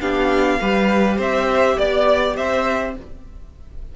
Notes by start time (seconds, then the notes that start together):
0.00 B3 D4 G4 F5
0.60 G3 G4 B4
1.17 C4 C5 E5
1.77 B3 D5
2.36 C4 C5 E5